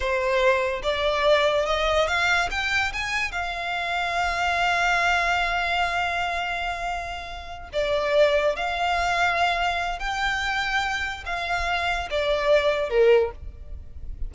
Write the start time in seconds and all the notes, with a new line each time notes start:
0.00 C5
0.82 D5
1.66 D#5
2.07 F5
2.50 G5
2.92 G#5
3.31 F5
7.72 D5
8.56 F5
9.99 G5
11.25 F5
12.10 D5
12.89 A#4